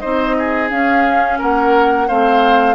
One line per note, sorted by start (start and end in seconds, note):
0.00 0.71 C4
0.00 0.70 D#4
0.00 0.36 C5
0.00 0.69 D#5
0.39 1.39 G#4
0.70 2.08 C#4
0.70 1.40 C#4
0.70 1.39 F5
1.39 2.10 A#3
1.39 2.08 A#4
1.39 2.09 F#5
2.08 2.75 A3
2.08 2.75 C4
2.08 2.75 C5
2.08 2.75 F5